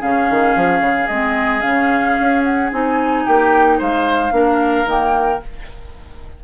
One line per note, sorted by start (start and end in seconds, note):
0.00 0.30 C#3
0.00 1.09 C#4
0.00 3.24 G#4
0.00 1.08 F5
0.30 0.56 D#3
0.56 0.81 F3
0.81 1.08 C#3
1.08 1.64 G#3
1.08 1.62 C4
1.08 1.62 D#5
1.62 2.18 C#3
1.62 2.70 C#4
1.62 2.43 F5
2.20 2.72 C#4
2.44 2.71 F#5
2.72 3.26 C4
2.72 4.32 D#4
2.72 3.27 G#5
3.26 3.81 A#3
3.26 3.78 G4
3.26 3.81 G5
3.78 4.32 G#3
3.78 4.32 C5
3.78 4.89 F5
4.32 4.86 A#3
4.32 4.86 D4
4.32 5.44 A#4
4.86 5.40 D#3
4.86 5.41 A#3
4.86 5.43 G5